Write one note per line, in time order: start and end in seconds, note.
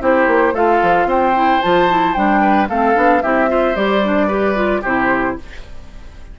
0.00 0.27 C4
0.00 0.54 E4
0.00 0.54 G4
0.00 0.55 C5
0.27 0.53 A#3
0.53 0.80 A3
0.53 1.34 F4
0.53 1.07 A4
0.53 1.08 F5
0.82 1.05 F3
1.05 1.59 C4
1.05 2.41 C5
1.05 1.61 G5
1.34 1.61 E4
1.61 2.16 F3
1.61 1.89 F4
1.61 2.14 A5
1.89 2.15 E4
2.14 2.69 G3
2.14 2.69 D4
2.14 2.67 G5
2.41 2.68 B4
2.69 2.95 A3
2.69 2.94 C4
2.69 3.23 A4
2.69 3.22 F5
2.94 3.23 B3
2.94 3.21 D4
3.22 3.75 C4
3.22 3.48 E4
3.22 3.49 G4
3.22 3.75 E5
3.48 3.75 F4
3.48 4.27 C5
3.75 4.82 G3
3.75 4.02 G4
3.75 4.83 D5
4.03 4.29 D4
4.27 4.55 G4
4.27 4.81 B4
4.55 4.82 F4
4.81 5.37 C3
4.81 5.39 E4
4.81 5.35 G4
4.81 5.38 C5